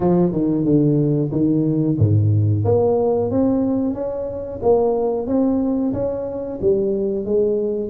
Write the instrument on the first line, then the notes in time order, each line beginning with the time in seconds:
tuba
0.00 F3
0.32 D#3
0.64 D3
1.31 D#3
1.98 G#2
2.64 A#3
3.31 C4
3.94 C#4
4.62 A#3
5.27 C4
5.93 C#4
6.61 G3
7.25 G#3